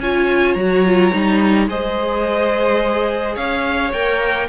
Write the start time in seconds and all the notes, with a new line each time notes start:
0.00 C#4 F4 C#5 G#5
0.54 F#3 F#4 A#5
0.85 F4
1.13 G3 D#4
1.68 G#3 G#4 C5 D#5
3.36 C#4 C#5 F5
3.93 A#3 A#4 G5